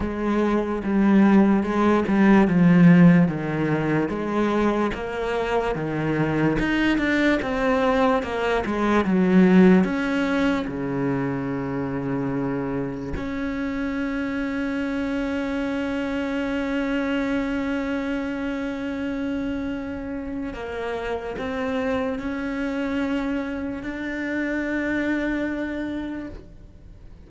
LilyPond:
\new Staff \with { instrumentName = "cello" } { \time 4/4 \tempo 4 = 73 gis4 g4 gis8 g8 f4 | dis4 gis4 ais4 dis4 | dis'8 d'8 c'4 ais8 gis8 fis4 | cis'4 cis2. |
cis'1~ | cis'1~ | cis'4 ais4 c'4 cis'4~ | cis'4 d'2. | }